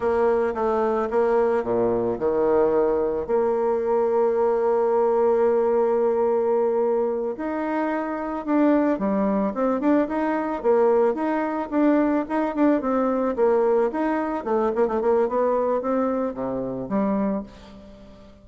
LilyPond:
\new Staff \with { instrumentName = "bassoon" } { \time 4/4 \tempo 4 = 110 ais4 a4 ais4 ais,4 | dis2 ais2~ | ais1~ | ais4. dis'2 d'8~ |
d'8 g4 c'8 d'8 dis'4 ais8~ | ais8 dis'4 d'4 dis'8 d'8 c'8~ | c'8 ais4 dis'4 a8 ais16 a16 ais8 | b4 c'4 c4 g4 | }